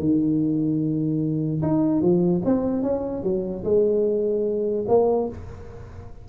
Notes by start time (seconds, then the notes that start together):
0.00 D#3
1.63 D#4
2.02 F3
2.45 C4
2.83 C#4
3.24 F#3
3.65 G#3
4.89 A#3